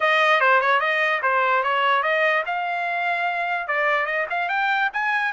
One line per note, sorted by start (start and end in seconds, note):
0.00 0.40 D#5
0.40 0.60 C5
0.60 0.80 C#5
0.80 1.20 D#5
1.22 1.63 C5
1.63 2.02 C#5
2.02 2.43 D#5
2.46 3.67 F5
3.67 4.06 D5
4.06 4.26 D#5
4.30 4.48 F5
4.48 4.89 G5
4.93 5.32 G#5